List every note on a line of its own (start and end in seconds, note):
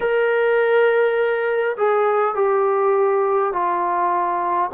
0.00 1.76 A#4
1.76 2.35 G#4
2.35 3.52 G4
3.52 4.70 F4